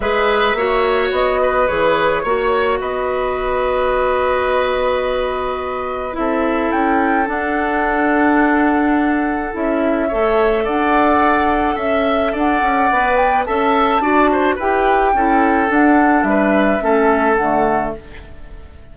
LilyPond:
<<
  \new Staff \with { instrumentName = "flute" } { \time 4/4 \tempo 4 = 107 e''2 dis''4 cis''4~ | cis''4 dis''2.~ | dis''2. e''4 | g''4 fis''2.~ |
fis''4 e''2 fis''4~ | fis''4 e''4 fis''4. g''8 | a''2 g''2 | fis''4 e''2 fis''4 | }
  \new Staff \with { instrumentName = "oboe" } { \time 4/4 b'4 cis''4. b'4. | cis''4 b'2.~ | b'2. a'4~ | a'1~ |
a'2 cis''4 d''4~ | d''4 e''4 d''2 | e''4 d''8 c''8 b'4 a'4~ | a'4 b'4 a'2 | }
  \new Staff \with { instrumentName = "clarinet" } { \time 4/4 gis'4 fis'2 gis'4 | fis'1~ | fis'2. e'4~ | e'4 d'2.~ |
d'4 e'4 a'2~ | a'2. b'4 | a'4 fis'4 g'4 e'4 | d'2 cis'4 a4 | }
  \new Staff \with { instrumentName = "bassoon" } { \time 4/4 gis4 ais4 b4 e4 | ais4 b2.~ | b2. c'4 | cis'4 d'2.~ |
d'4 cis'4 a4 d'4~ | d'4 cis'4 d'8 cis'8 b4 | cis'4 d'4 e'4 cis'4 | d'4 g4 a4 d4 | }
>>